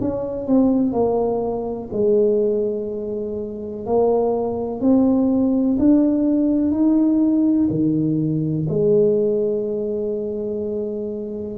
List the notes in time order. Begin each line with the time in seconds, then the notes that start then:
0.00 C#4
0.47 C4
0.92 A#3
1.92 G#3
3.86 A#3
4.80 C4
5.78 D4
6.71 D#4
7.70 D#3
8.69 G#3